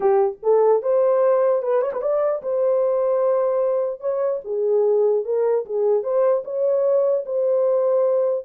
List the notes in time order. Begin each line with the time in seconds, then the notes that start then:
0.00 G4
0.42 A4
0.82 C5
1.62 B4
1.81 C#5
1.92 B4
2.01 D5
2.42 C5
4.00 C#5
4.44 G#4
5.25 A#4
5.65 G#4
6.03 C5
6.44 C#5
7.25 C5